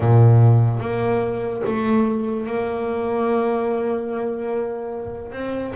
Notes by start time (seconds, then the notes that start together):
0.00 A#2
0.80 A#3
1.66 A3
2.46 A#3
5.32 C4